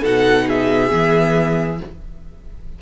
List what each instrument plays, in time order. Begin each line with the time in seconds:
0.00 cello B2, viola D#4, violin A4 F#5
0.46 violin G#4 E5
0.89 cello E3, viola B3